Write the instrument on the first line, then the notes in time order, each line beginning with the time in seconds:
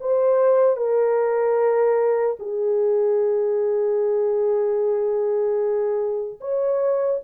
horn
0.00 C5
0.76 A#4
2.39 G#4
6.40 C#5